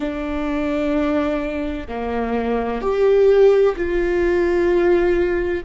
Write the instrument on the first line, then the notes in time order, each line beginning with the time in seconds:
viola
0.00 D4
1.87 A#3
2.81 G4
3.76 F4